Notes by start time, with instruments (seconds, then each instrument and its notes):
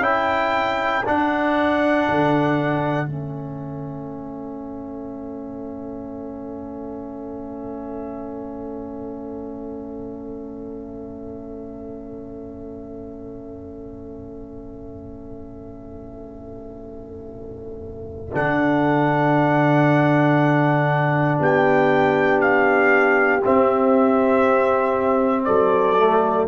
0.00 tuba C#4, trombone E4, horn A4, trumpet G5
1.06 trombone D4, tuba D4, trumpet F#5
2.10 tuba D3
3.06 tuba A3, trombone C#4, trumpet E5
18.32 tuba D3, trombone D4, trumpet F#5
21.40 tuba B3, horn G4, trumpet G5
22.41 trumpet F5
23.45 trombone C4, tuba C4, trumpet E5
25.45 tuba F#3, horn A4, trumpet D5
25.98 trombone A3